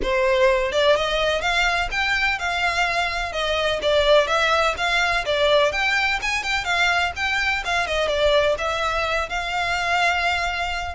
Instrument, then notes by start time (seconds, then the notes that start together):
violin
0.02 C5
0.72 D5
0.95 D#5
1.41 F5
1.91 G5
2.38 F5
3.32 D#5
3.82 D5
4.27 E5
4.77 F5
5.25 D5
5.72 G5
6.21 G#5
6.43 G5
6.64 F5
7.16 G5
7.64 F5
7.87 D#5
8.08 D5
8.58 E5
9.29 F5